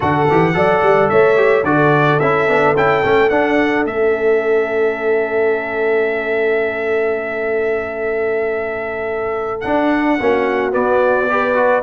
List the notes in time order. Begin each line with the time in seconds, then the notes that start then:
0.00 D3 F#4 A4 F#5
0.30 E3 G4
0.54 F#3 A4 D5
0.82 G3
1.09 A3 C#5 E5
1.36 G4
1.63 D3 F#4 A4 D5
2.19 C#4 E4 E5
2.48 B3 D4
2.76 C#4 E4 G5
3.03 A3 C#4
3.29 D4 F#5
3.85 A3 C#4 E5
9.60 D4 F#5
10.19 A#3 C#4 F#4
10.71 B3 D5
11.29 G4 B4
11.55 F#4